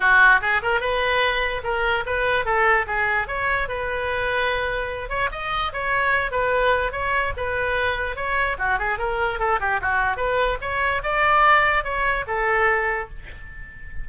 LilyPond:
\new Staff \with { instrumentName = "oboe" } { \time 4/4 \tempo 4 = 147 fis'4 gis'8 ais'8 b'2 | ais'4 b'4 a'4 gis'4 | cis''4 b'2.~ | b'8 cis''8 dis''4 cis''4. b'8~ |
b'4 cis''4 b'2 | cis''4 fis'8 gis'8 ais'4 a'8 g'8 | fis'4 b'4 cis''4 d''4~ | d''4 cis''4 a'2 | }